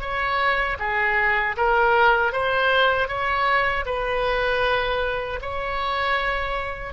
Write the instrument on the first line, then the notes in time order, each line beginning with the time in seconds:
oboe
0.00 C#5
0.79 G#4
1.57 A#4
2.32 C5
3.08 C#5
3.86 B4
5.41 C#5